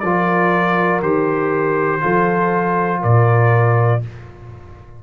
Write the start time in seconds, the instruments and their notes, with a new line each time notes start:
0.00 tuba F3, trombone F4, horn A#4, trumpet D5
1.02 tuba D#3, trombone G4, trumpet C5
2.01 tuba F3, trombone F4, horn A4
3.01 tuba A#2, horn A#4, trumpet D5